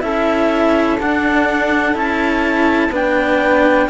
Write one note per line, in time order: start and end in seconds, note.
0.00 1.00 C#4
0.00 0.97 E4
0.00 2.92 A4
0.00 0.98 E5
1.00 1.94 D4
1.00 1.96 D4
1.00 1.97 F#5
1.94 2.90 C#4
1.94 2.91 E4
1.94 2.95 A5
2.90 3.86 B3
2.90 3.90 D4
2.90 3.89 B4
2.90 3.90 G5